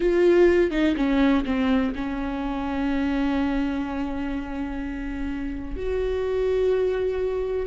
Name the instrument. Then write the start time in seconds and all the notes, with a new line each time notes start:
viola
0.00 F4
0.71 D#4
0.96 C#4
1.45 C4
1.95 C#4
5.76 F#4